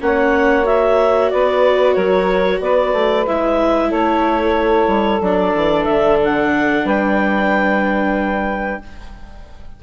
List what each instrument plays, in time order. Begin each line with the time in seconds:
0.00 bassoon A#3, viola C#4, saxophone C#5, clarinet F#5
0.64 viola F#4, clarinet E5
1.30 bassoon B3, saxophone B4, clarinet D5
1.94 bassoon F#3, saxophone A#4, clarinet C#5
2.60 bassoon B3, saxophone B4, clarinet D5
2.93 bassoon A3
3.26 bassoon G#3, viola E4, clarinet E5
3.89 bassoon A3, saxophone A4, clarinet C#5
4.87 bassoon G3
5.21 bassoon F#3, viola D4, clarinet D5
5.55 bassoon E3
5.84 bassoon D3, clarinet E5
6.24 clarinet F#5
6.84 bassoon G3, saxophone B4, clarinet G5